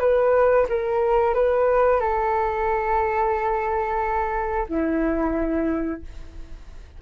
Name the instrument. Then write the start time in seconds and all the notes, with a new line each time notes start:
flute
0.00 B4
0.69 A#4
1.35 B4
2.00 A4
4.69 E4